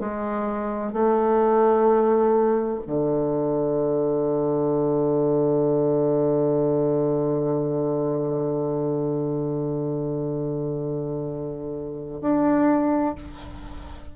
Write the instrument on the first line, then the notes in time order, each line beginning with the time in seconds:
bassoon
0.00 G#3
0.93 A3
2.87 D3
12.21 D4